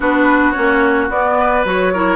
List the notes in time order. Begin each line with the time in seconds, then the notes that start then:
0.00 B3 D4 F#4 B4
0.51 C#4 C#5
0.57 A#3
1.09 B3 D5
1.39 B4
1.64 F#3 F#4 C#5
1.93 E4 A#4